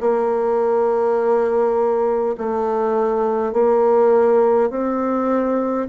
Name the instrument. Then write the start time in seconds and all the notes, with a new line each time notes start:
bassoon
0.00 A#3
2.37 A3
3.53 A#3
4.70 C4